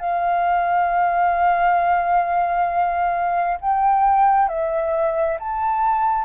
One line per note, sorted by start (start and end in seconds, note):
0.00 3.58 F5
3.61 4.49 G5
4.49 5.39 E5
5.40 6.25 A5